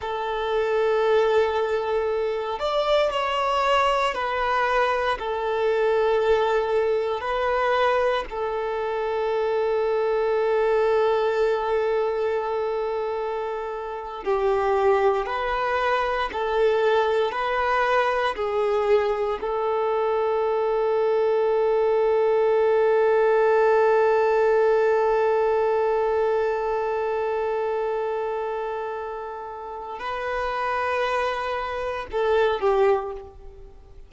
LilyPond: \new Staff \with { instrumentName = "violin" } { \time 4/4 \tempo 4 = 58 a'2~ a'8 d''8 cis''4 | b'4 a'2 b'4 | a'1~ | a'4.~ a'16 g'4 b'4 a'16~ |
a'8. b'4 gis'4 a'4~ a'16~ | a'1~ | a'1~ | a'4 b'2 a'8 g'8 | }